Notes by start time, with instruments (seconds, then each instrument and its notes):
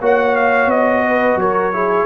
0.00 tuba A#3, trombone F#4, horn C#5, trumpet F#5
0.35 trumpet F5
0.66 tuba B3, trumpet D#5
1.06 horn B4
1.35 tuba F#3, horn A#4, trumpet C#5
1.73 trombone E4, horn G#4